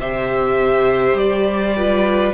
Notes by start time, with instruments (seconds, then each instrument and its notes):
0.00 cello C3, viola G4, violin C5 E5
1.13 cello G3, violin D5
1.77 viola F4, violin B4